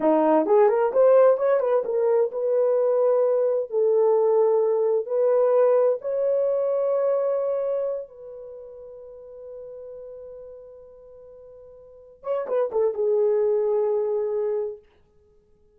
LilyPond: \new Staff \with { instrumentName = "horn" } { \time 4/4 \tempo 4 = 130 dis'4 gis'8 ais'8 c''4 cis''8 b'8 | ais'4 b'2. | a'2. b'4~ | b'4 cis''2.~ |
cis''4. b'2~ b'8~ | b'1~ | b'2~ b'8 cis''8 b'8 a'8 | gis'1 | }